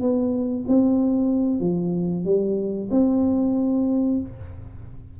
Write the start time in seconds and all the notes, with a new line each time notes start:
0.00 B3
0.67 C4
1.60 F3
2.24 G3
2.90 C4